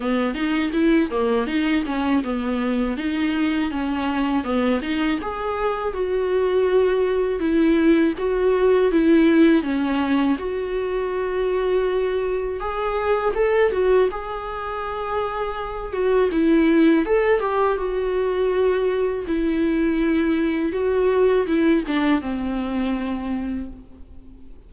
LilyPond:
\new Staff \with { instrumentName = "viola" } { \time 4/4 \tempo 4 = 81 b8 dis'8 e'8 ais8 dis'8 cis'8 b4 | dis'4 cis'4 b8 dis'8 gis'4 | fis'2 e'4 fis'4 | e'4 cis'4 fis'2~ |
fis'4 gis'4 a'8 fis'8 gis'4~ | gis'4. fis'8 e'4 a'8 g'8 | fis'2 e'2 | fis'4 e'8 d'8 c'2 | }